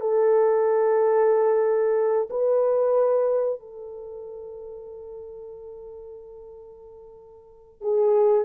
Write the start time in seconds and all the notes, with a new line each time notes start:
0.00 A4
2.30 B4
3.59 A4
7.81 G#4